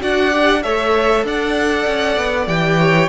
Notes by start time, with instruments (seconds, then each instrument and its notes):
0.00 cello D4, viola F#4, violin D5 F#5
0.31 viola G4
0.62 cello A3, viola A4, violin C#5 E5
1.24 cello D4, violin D5 F#5
1.87 cello C#4
2.17 cello B3
2.47 cello E3, viola G4, violin G5
2.79 violin C#5